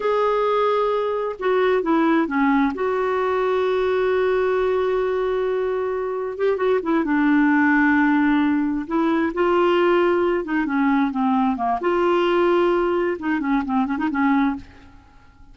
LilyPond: \new Staff \with { instrumentName = "clarinet" } { \time 4/4 \tempo 4 = 132 gis'2. fis'4 | e'4 cis'4 fis'2~ | fis'1~ | fis'2 g'8 fis'8 e'8 d'8~ |
d'2.~ d'8 e'8~ | e'8 f'2~ f'8 dis'8 cis'8~ | cis'8 c'4 ais8 f'2~ | f'4 dis'8 cis'8 c'8 cis'16 dis'16 cis'4 | }